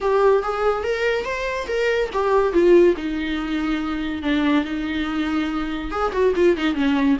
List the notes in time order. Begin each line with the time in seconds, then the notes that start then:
0.01 G4
0.42 G#4
0.83 A#4
1.24 C5
1.67 A#4
2.12 G4
2.52 F4
2.97 D#4
4.22 D4
4.64 D#4
5.91 G#4
6.12 F#4
6.35 F4
6.56 D#4
6.75 C#4